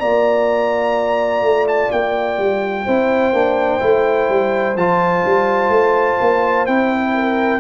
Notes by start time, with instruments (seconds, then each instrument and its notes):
0.00 tuba A#3, trombone F4, horn D5, trumpet A#5
1.41 tuba A3
1.68 trumpet A5
1.91 tuba A#3, trumpet G5
2.38 tuba G3
2.85 tuba C4, trombone E4, horn C5
3.33 tuba A#3, trombone D4
3.80 tuba A3, trombone E4
4.29 tuba G3
4.76 tuba F3, trombone F4, trumpet A5
5.25 tuba G3
5.69 tuba A3
6.21 tuba A#3
6.66 tuba C4, trombone E4, trumpet G5
7.14 horn A#4